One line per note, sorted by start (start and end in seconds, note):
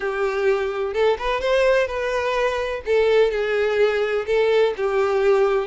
0.00 0.93 G4
0.93 1.17 A4
1.18 1.40 B4
1.40 1.87 C5
1.87 2.81 B4
2.85 3.31 A4
3.31 4.25 G#4
4.26 4.73 A4
4.76 5.67 G4